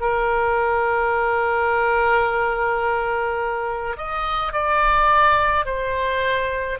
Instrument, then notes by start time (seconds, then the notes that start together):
oboe
0.00 A#4
3.97 D#5
4.52 D5
5.66 C5